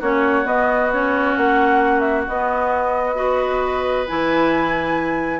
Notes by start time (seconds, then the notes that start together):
0.00 A#3 C#4 F#4 C#5
0.44 B3 D#5
0.93 C#4 C#5
1.37 A#3 F#5
2.00 E5
2.27 B3 D#5
3.15 F#4 B4
4.07 E3 E4 G#5